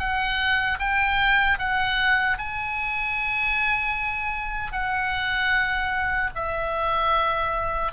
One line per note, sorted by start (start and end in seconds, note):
0.00 0.79 F#5
0.80 1.59 G5
1.59 2.38 F#5
2.39 4.73 G#5
4.73 6.31 F#5
6.36 7.93 E5